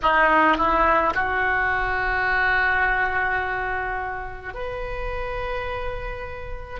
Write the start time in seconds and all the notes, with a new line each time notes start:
0.02 D#4
0.57 E4
1.14 F#4
4.53 B4